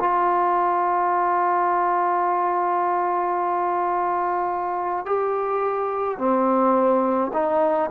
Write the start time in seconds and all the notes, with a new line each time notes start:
0.00 F4
5.06 G4
6.19 C4
7.34 D#4